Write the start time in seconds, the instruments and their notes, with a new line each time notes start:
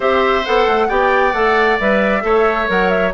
0.00 bassoon C4, clarinet G4, oboe C5, flute E5
0.45 bassoon B3, clarinet A4, flute F#5
0.67 bassoon A3
0.88 bassoon B3, clarinet G4, oboe D5, flute G5
1.33 bassoon A3, clarinet A4, flute F#5
1.80 bassoon G3, clarinet B4, flute E5
2.21 bassoon A3, clarinet A4, oboe C#5
2.67 bassoon F#3, clarinet A#4, flute F#5
2.89 flute E5